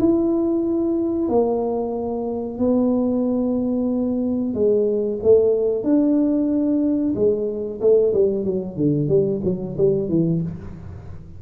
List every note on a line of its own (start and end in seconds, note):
0.00 1.29 E4
1.29 2.59 A#3
2.59 4.54 B3
4.54 5.20 G#3
5.23 5.84 A3
5.84 7.14 D4
7.16 7.81 G#3
7.81 8.14 A3
8.14 8.45 G3
8.45 8.77 F#3
8.77 9.09 D3
9.09 9.41 G3
9.44 9.77 F#3
9.78 10.09 G3
10.09 10.42 E3